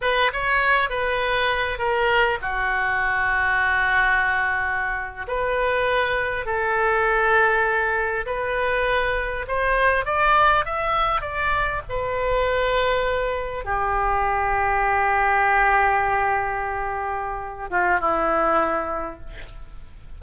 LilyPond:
\new Staff \with { instrumentName = "oboe" } { \time 4/4 \tempo 4 = 100 b'8 cis''4 b'4. ais'4 | fis'1~ | fis'8. b'2 a'4~ a'16~ | a'4.~ a'16 b'2 c''16~ |
c''8. d''4 e''4 d''4 b'16~ | b'2~ b'8. g'4~ g'16~ | g'1~ | g'4. f'8 e'2 | }